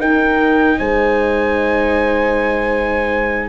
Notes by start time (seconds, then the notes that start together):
0.00 D#4 A#4 G5
0.78 G#3 C5 G#5